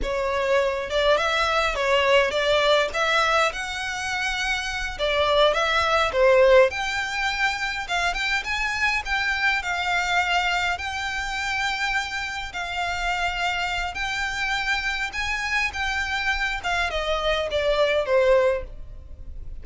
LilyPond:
\new Staff \with { instrumentName = "violin" } { \time 4/4 \tempo 4 = 103 cis''4. d''8 e''4 cis''4 | d''4 e''4 fis''2~ | fis''8 d''4 e''4 c''4 g''8~ | g''4. f''8 g''8 gis''4 g''8~ |
g''8 f''2 g''4.~ | g''4. f''2~ f''8 | g''2 gis''4 g''4~ | g''8 f''8 dis''4 d''4 c''4 | }